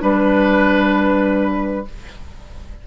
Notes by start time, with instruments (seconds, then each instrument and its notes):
0.00 bassoon G3, clarinet D4, flute B4, oboe B4